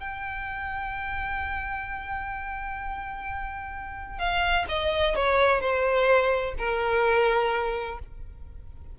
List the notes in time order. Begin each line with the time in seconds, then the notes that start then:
0.00 G5
4.19 F5
4.69 D#5
5.16 C#5
5.61 C5
6.59 A#4